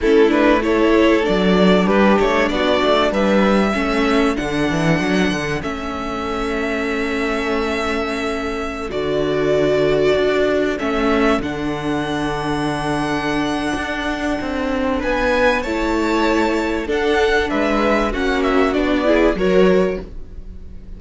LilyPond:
<<
  \new Staff \with { instrumentName = "violin" } { \time 4/4 \tempo 4 = 96 a'8 b'8 cis''4 d''4 b'8 cis''8 | d''4 e''2 fis''4~ | fis''4 e''2.~ | e''2~ e''16 d''4.~ d''16~ |
d''4~ d''16 e''4 fis''4.~ fis''16~ | fis''1 | gis''4 a''2 fis''4 | e''4 fis''8 e''8 d''4 cis''4 | }
  \new Staff \with { instrumentName = "violin" } { \time 4/4 e'4 a'2 g'4 | fis'4 b'4 a'2~ | a'1~ | a'1~ |
a'1~ | a'1 | b'4 cis''2 a'4 | b'4 fis'4. gis'8 ais'4 | }
  \new Staff \with { instrumentName = "viola" } { \time 4/4 cis'8 d'8 e'4 d'2~ | d'2 cis'4 d'4~ | d'4 cis'2.~ | cis'2~ cis'16 fis'4.~ fis'16~ |
fis'4~ fis'16 cis'4 d'4.~ d'16~ | d'1~ | d'4 e'2 d'4~ | d'4 cis'4 d'8 e'8 fis'4 | }
  \new Staff \with { instrumentName = "cello" } { \time 4/4 a2 fis4 g8 a8 | b8 a8 g4 a4 d8 e8 | fis8 d8 a2.~ | a2~ a16 d4.~ d16~ |
d16 d'4 a4 d4.~ d16~ | d2 d'4 c'4 | b4 a2 d'4 | gis4 ais4 b4 fis4 | }
>>